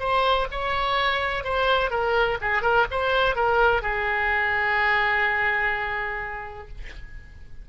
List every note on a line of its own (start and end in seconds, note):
0.00 0.48 C5
0.51 1.44 C#5
1.44 1.90 C5
1.90 2.38 A#4
2.41 2.62 G#4
2.62 2.86 A#4
2.91 3.36 C5
3.36 3.82 A#4
3.82 6.68 G#4